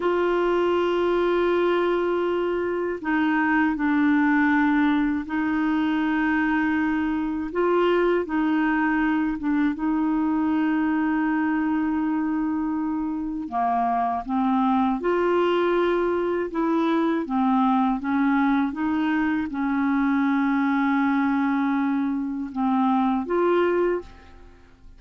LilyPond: \new Staff \with { instrumentName = "clarinet" } { \time 4/4 \tempo 4 = 80 f'1 | dis'4 d'2 dis'4~ | dis'2 f'4 dis'4~ | dis'8 d'8 dis'2.~ |
dis'2 ais4 c'4 | f'2 e'4 c'4 | cis'4 dis'4 cis'2~ | cis'2 c'4 f'4 | }